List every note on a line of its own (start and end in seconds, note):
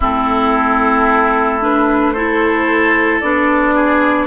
0.00 3.22 A3
0.00 1.61 C4
0.00 2.13 E4
0.00 1.62 A4
1.61 2.14 D4
1.61 2.12 B4
2.12 3.22 E4
2.12 3.74 A4
2.12 3.20 C5
3.20 4.26 B3
3.20 4.26 D4
3.20 4.26 D5
3.74 4.26 G#4